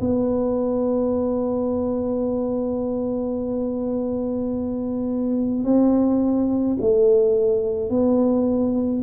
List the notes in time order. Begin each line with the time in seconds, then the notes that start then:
0.00 B3
5.64 C4
6.81 A3
7.89 B3